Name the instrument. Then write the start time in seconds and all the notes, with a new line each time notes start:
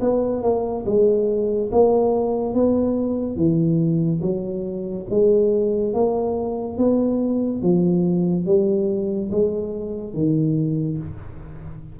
tuba
0.00 B3
0.42 A#3
0.86 G#3
1.71 A#3
2.54 B3
3.36 E3
4.22 F#3
5.10 G#3
5.93 A#3
6.78 B3
7.62 F3
8.45 G3
9.31 G#3
10.13 D#3